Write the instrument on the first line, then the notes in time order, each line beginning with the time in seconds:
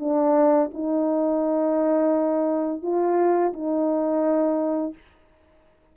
horn
0.00 D4
0.74 D#4
2.82 F4
3.53 D#4